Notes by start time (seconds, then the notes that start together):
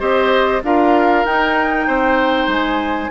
0.00 C4 G4 C5 D#5
0.63 D4 F4 A#4 F5
1.25 D#4 G5
1.88 C4 C5
2.47 G#3 G#5